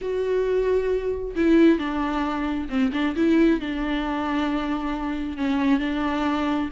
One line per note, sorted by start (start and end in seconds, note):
0.01 1.35 F#4
1.35 1.78 E4
1.78 2.68 D4
2.69 2.91 C4
2.92 3.15 D4
3.16 3.60 E4
3.60 5.37 D4
5.37 5.79 C#4
5.79 6.69 D4